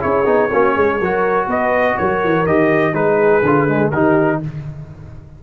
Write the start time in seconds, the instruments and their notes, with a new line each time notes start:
0.00 tuba C#4, trombone E4, horn G#4, trumpet C#5
0.26 tuba B3, trombone D#4
0.50 tuba A#3, trombone C#4, horn F#4
0.74 tuba G#3, horn G#4
1.01 tuba F#3, trombone F#4, horn A#4
1.47 tuba B3, horn B4, trumpet D#5
1.98 tuba F#3, horn A#4, trumpet C#5
2.24 tuba E3
2.47 tuba D#3, trombone G4, trumpet D#5
2.94 tuba G#3, trombone D#4, horn G#4, trumpet B4
3.43 tuba D3, trombone F4
3.68 trombone G#3
3.92 tuba D#3, trombone D#4, horn G4, trumpet A#4